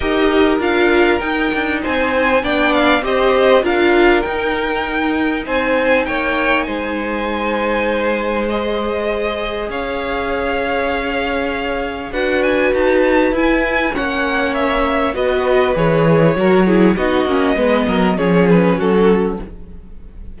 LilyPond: <<
  \new Staff \with { instrumentName = "violin" } { \time 4/4 \tempo 4 = 99 dis''4 f''4 g''4 gis''4 | g''8 f''8 dis''4 f''4 g''4~ | g''4 gis''4 g''4 gis''4~ | gis''2 dis''2 |
f''1 | fis''8 gis''8 a''4 gis''4 fis''4 | e''4 dis''4 cis''2 | dis''2 cis''8 b'8 a'4 | }
  \new Staff \with { instrumentName = "violin" } { \time 4/4 ais'2. c''4 | d''4 c''4 ais'2~ | ais'4 c''4 cis''4 c''4~ | c''1 |
cis''1 | b'2. cis''4~ | cis''4 b'2 ais'8 gis'8 | fis'4 b'8 ais'8 gis'4 fis'4 | }
  \new Staff \with { instrumentName = "viola" } { \time 4/4 g'4 f'4 dis'2 | d'4 g'4 f'4 dis'4~ | dis'1~ | dis'2 gis'2~ |
gis'1 | fis'2 e'4 cis'4~ | cis'4 fis'4 gis'4 fis'8 e'8 | dis'8 cis'8 b4 cis'2 | }
  \new Staff \with { instrumentName = "cello" } { \time 4/4 dis'4 d'4 dis'8 d'8 c'4 | b4 c'4 d'4 dis'4~ | dis'4 c'4 ais4 gis4~ | gis1 |
cis'1 | d'4 dis'4 e'4 ais4~ | ais4 b4 e4 fis4 | b8 ais8 gis8 fis8 f4 fis4 | }
>>